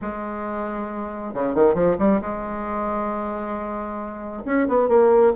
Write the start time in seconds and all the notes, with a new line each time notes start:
0.01 G#3
1.34 C#3
1.55 D#3
1.74 F3
1.98 G3
2.21 G#3
4.45 C#4
4.68 B3
4.88 A#3